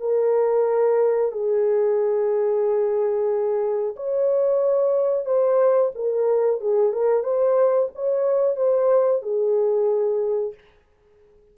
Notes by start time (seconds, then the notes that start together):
0.00 A#4
1.32 G#4
3.96 C#5
5.25 C5
5.95 A#4
6.61 G#4
6.93 A#4
7.23 C5
7.95 C#5
8.56 C5
9.22 G#4